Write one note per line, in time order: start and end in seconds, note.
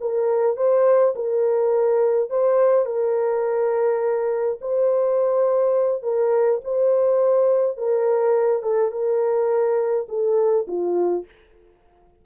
0.00 0.56 A#4
0.56 1.14 C5
1.15 2.29 A#4
2.29 2.85 C5
2.85 4.58 A#4
4.60 6.02 C5
6.02 6.60 A#4
6.64 7.77 C5
7.77 8.62 A#4
8.62 8.91 A4
8.91 10.06 A#4
10.08 10.66 A4
10.67 11.25 F4